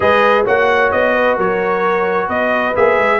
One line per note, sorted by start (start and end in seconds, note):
0.00 0.46 G#3
0.00 0.44 G#4
0.00 0.44 B4
0.00 0.45 D#5
0.44 0.93 A#3
0.44 2.74 F#4
0.44 1.13 C#5
0.44 0.91 F#5
0.91 1.37 B3
0.91 1.37 D#5
1.13 1.36 B4
1.36 2.28 F#3
1.36 2.27 A#4
1.36 2.29 C#5
2.27 2.74 B3
2.27 3.18 B4
2.27 2.75 D#5
2.75 2.97 A#3
2.75 3.20 G#4
2.75 3.20 E5
2.97 3.20 G#3